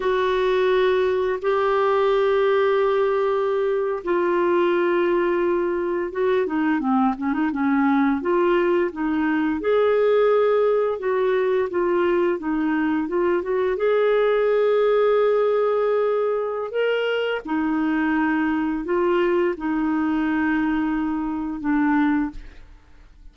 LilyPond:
\new Staff \with { instrumentName = "clarinet" } { \time 4/4 \tempo 4 = 86 fis'2 g'2~ | g'4.~ g'16 f'2~ f'16~ | f'8. fis'8 dis'8 c'8 cis'16 dis'16 cis'4 f'16~ | f'8. dis'4 gis'2 fis'16~ |
fis'8. f'4 dis'4 f'8 fis'8 gis'16~ | gis'1 | ais'4 dis'2 f'4 | dis'2. d'4 | }